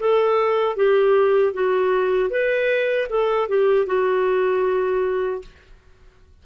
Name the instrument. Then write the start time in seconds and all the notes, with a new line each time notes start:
clarinet
0.00 A4
0.77 G4
1.53 F#4
2.30 B4
3.10 A4
3.49 G4
3.86 F#4